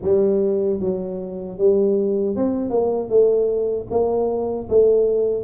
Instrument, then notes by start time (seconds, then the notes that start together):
tuba
0.02 G3
0.80 F#3
1.58 G3
2.36 C4
2.70 A#3
3.09 A3
3.90 A#3
4.69 A3